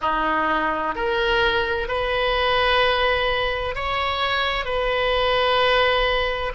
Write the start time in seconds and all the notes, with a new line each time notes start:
0.01 D#4
0.95 A#4
1.87 B4
3.75 C#5
4.64 B4